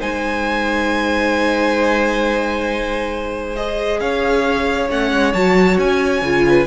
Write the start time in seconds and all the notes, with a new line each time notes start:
0.00 G#3 D#4 C5 G#5
3.56 G#4 D#5
4.00 C#4 C#5 F5
4.89 A3 C#4 F#5
5.12 G#3
5.33 F#3 F#4 A5
5.78 C#4 G#5
6.22 C#3 F4
6.48 B4